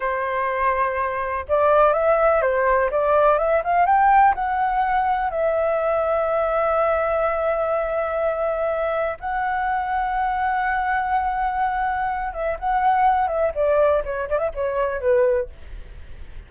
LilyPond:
\new Staff \with { instrumentName = "flute" } { \time 4/4 \tempo 4 = 124 c''2. d''4 | e''4 c''4 d''4 e''8 f''8 | g''4 fis''2 e''4~ | e''1~ |
e''2. fis''4~ | fis''1~ | fis''4. e''8 fis''4. e''8 | d''4 cis''8 d''16 e''16 cis''4 b'4 | }